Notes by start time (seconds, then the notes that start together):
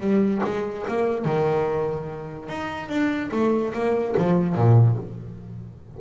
0.00 G3
0.44 G#3
0.88 A#3
1.25 D#3
2.49 D#4
2.89 D4
3.31 A3
3.74 A#3
4.18 F3
4.55 A#2